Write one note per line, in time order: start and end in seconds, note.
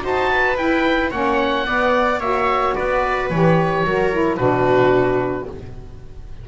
0.00 0.56 D#4
0.00 0.55 F#4
0.00 0.30 C5
0.00 0.57 A5
0.30 1.10 B4
0.56 1.11 E4
0.56 1.11 G5
1.10 1.65 A#3
1.10 1.64 C#4
1.10 1.65 C#5
1.10 2.20 F#5
1.64 2.19 B3
1.64 2.19 D5
2.19 2.74 A#3
2.19 3.31 F#4
2.19 2.74 C#5
2.19 2.74 E5
2.74 3.30 B3
2.74 3.83 B4
2.74 3.29 D5
3.29 3.83 E3
3.29 3.86 G4
3.29 4.36 C#5
3.83 4.38 F#3
3.83 4.12 F#4
3.83 4.38 A#4
4.12 4.37 E4
4.36 5.48 B2
4.36 5.46 D4
4.36 5.47 F#4
4.36 5.45 B4